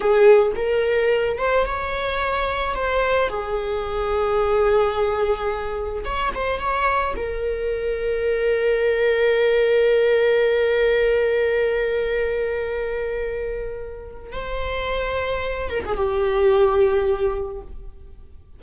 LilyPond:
\new Staff \with { instrumentName = "viola" } { \time 4/4 \tempo 4 = 109 gis'4 ais'4. c''8 cis''4~ | cis''4 c''4 gis'2~ | gis'2. cis''8 c''8 | cis''4 ais'2.~ |
ais'1~ | ais'1~ | ais'2 c''2~ | c''8 ais'16 gis'16 g'2. | }